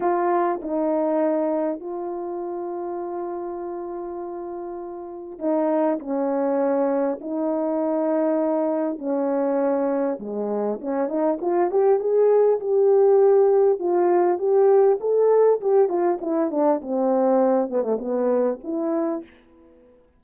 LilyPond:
\new Staff \with { instrumentName = "horn" } { \time 4/4 \tempo 4 = 100 f'4 dis'2 f'4~ | f'1~ | f'4 dis'4 cis'2 | dis'2. cis'4~ |
cis'4 gis4 cis'8 dis'8 f'8 g'8 | gis'4 g'2 f'4 | g'4 a'4 g'8 f'8 e'8 d'8 | c'4. b16 a16 b4 e'4 | }